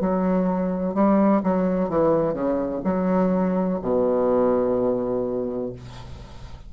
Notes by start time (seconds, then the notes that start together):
0.00 F#3
0.94 G3
1.43 F#3
1.89 E3
2.33 C#3
2.84 F#3
3.82 B2